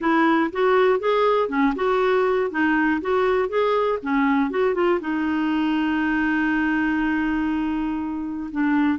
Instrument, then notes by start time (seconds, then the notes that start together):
clarinet
0.00 E4
0.52 F#4
0.99 G#4
1.48 C#4
1.75 F#4
2.50 D#4
3.01 F#4
3.49 G#4
4.02 C#4
4.50 F#4
4.74 F4
5.00 D#4
8.51 D4